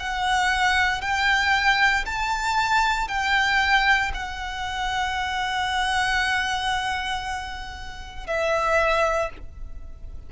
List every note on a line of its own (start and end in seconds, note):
0.00 1.02 F#5
1.02 2.05 G5
2.06 3.08 A5
3.08 4.12 G5
4.14 8.27 F#5
8.27 9.31 E5